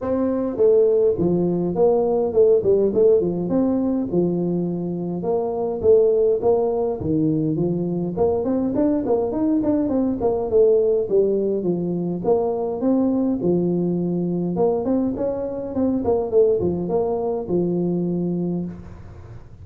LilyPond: \new Staff \with { instrumentName = "tuba" } { \time 4/4 \tempo 4 = 103 c'4 a4 f4 ais4 | a8 g8 a8 f8 c'4 f4~ | f4 ais4 a4 ais4 | dis4 f4 ais8 c'8 d'8 ais8 |
dis'8 d'8 c'8 ais8 a4 g4 | f4 ais4 c'4 f4~ | f4 ais8 c'8 cis'4 c'8 ais8 | a8 f8 ais4 f2 | }